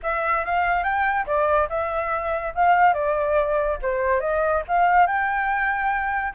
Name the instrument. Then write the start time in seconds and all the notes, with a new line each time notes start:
flute
0.02 E5
0.45 F5
0.83 G5
1.26 D5
1.69 E5
2.54 F5
2.93 D5
3.81 C5
4.20 D#5
4.68 F5
5.06 G5